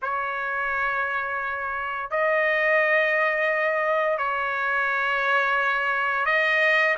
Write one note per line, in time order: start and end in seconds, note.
0.02 2.10 C#5
2.10 4.18 D#5
4.18 6.25 C#5
6.25 6.95 D#5